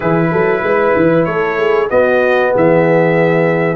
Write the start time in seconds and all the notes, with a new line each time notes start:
0.00 E3 E4 G#4 B4
0.31 F#3 A4
0.62 G#3 B4
0.96 E3
1.24 A3 A4 C#5
1.57 G#4
1.89 B3 F#4 D#5
2.51 E3 G#4
2.57 E5